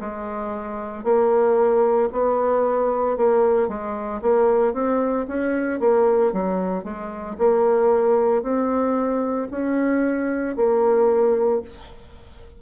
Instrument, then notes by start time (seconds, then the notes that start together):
bassoon
0.00 G#3
1.03 A#3
2.12 B3
3.16 A#3
3.68 G#3
4.22 A#3
4.73 C4
5.28 C#4
5.79 A#3
6.32 F#3
6.83 G#3
7.38 A#3
8.42 C4
9.51 C#4
10.56 A#3